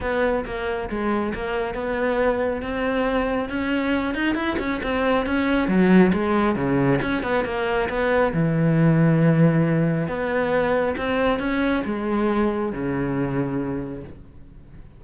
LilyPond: \new Staff \with { instrumentName = "cello" } { \time 4/4 \tempo 4 = 137 b4 ais4 gis4 ais4 | b2 c'2 | cis'4. dis'8 e'8 cis'8 c'4 | cis'4 fis4 gis4 cis4 |
cis'8 b8 ais4 b4 e4~ | e2. b4~ | b4 c'4 cis'4 gis4~ | gis4 cis2. | }